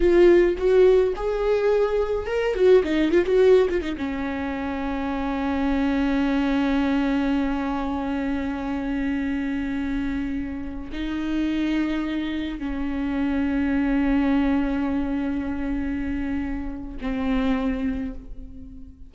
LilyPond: \new Staff \with { instrumentName = "viola" } { \time 4/4 \tempo 4 = 106 f'4 fis'4 gis'2 | ais'8 fis'8 dis'8 f'16 fis'8. f'16 dis'16 cis'4~ | cis'1~ | cis'1~ |
cis'2.~ cis'16 dis'8.~ | dis'2~ dis'16 cis'4.~ cis'16~ | cis'1~ | cis'2 c'2 | }